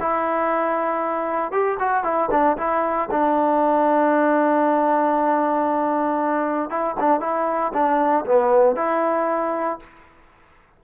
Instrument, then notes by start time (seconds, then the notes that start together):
trombone
0.00 E4
1.52 G4
1.79 F#4
2.03 E4
2.31 D4
2.57 E4
3.11 D4
6.70 E4
6.99 D4
7.20 E4
7.73 D4
8.25 B3
8.76 E4